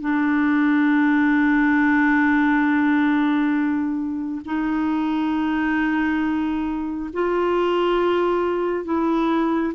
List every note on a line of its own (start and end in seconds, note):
0.00 4.41 D4
4.45 7.10 D#4
7.13 8.85 F4
8.85 9.73 E4